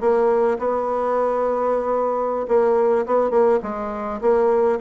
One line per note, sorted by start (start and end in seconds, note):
0.00 0.58 A#3
0.58 2.46 B3
2.48 3.05 A#3
3.06 3.30 B3
3.30 3.59 A#3
3.62 4.20 G#3
4.21 4.79 A#3